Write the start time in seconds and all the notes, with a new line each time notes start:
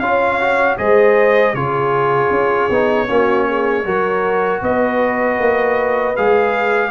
0.00 C#4 F4 C#5 F5
0.41 F#4
0.78 G#3 G#4 C5 D#5
1.54 C#3 F4 G#4 C#5
2.31 C#4
2.70 B3 D#4
3.08 A#3 C#4 F#4
3.48 G#4
3.85 F#3 F#4 A#4
4.62 B3 B4 D#5
5.40 A#3
6.17 G#3 G#4 F5